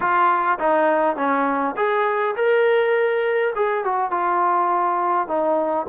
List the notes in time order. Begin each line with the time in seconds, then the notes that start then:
0.00 F4
0.59 D#4
1.16 C#4
1.76 G#4
2.36 A#4
3.55 G#4
3.84 F#4
4.10 F4
5.27 D#4